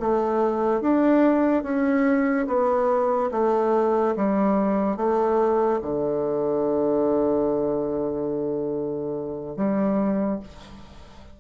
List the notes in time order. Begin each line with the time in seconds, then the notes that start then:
0.00 A3
0.81 D4
1.64 C#4
2.47 B3
3.32 A3
4.17 G3
4.97 A3
5.82 D3
9.57 G3